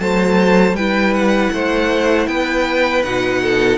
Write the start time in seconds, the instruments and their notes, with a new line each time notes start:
0.00 cello F#3, viola A3, violin C5 A5
0.73 cello G3, viola E4, violin B4 G5
1.14 violin F#5
1.53 cello A3, violin C5
2.28 cello B3, violin B4 G5
3.03 cello B2, viola D#4, violin F#5
3.42 violin A4